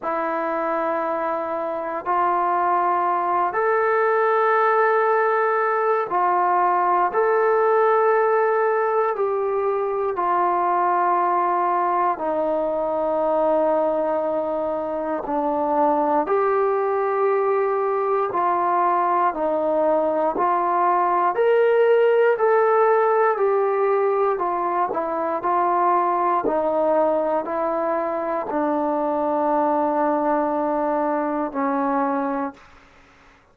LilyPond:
\new Staff \with { instrumentName = "trombone" } { \time 4/4 \tempo 4 = 59 e'2 f'4. a'8~ | a'2 f'4 a'4~ | a'4 g'4 f'2 | dis'2. d'4 |
g'2 f'4 dis'4 | f'4 ais'4 a'4 g'4 | f'8 e'8 f'4 dis'4 e'4 | d'2. cis'4 | }